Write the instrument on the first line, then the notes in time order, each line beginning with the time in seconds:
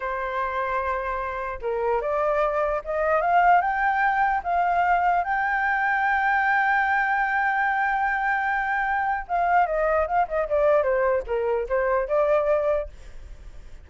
flute
0.00 C5
1.61 A#4
2.01 D5
2.84 D#5
3.21 F5
3.61 G5
4.43 F5
5.24 G5
9.28 F5
9.66 D#5
10.07 F5
10.27 D#5
10.48 D5
10.83 C5
11.27 A#4
11.69 C5
12.08 D5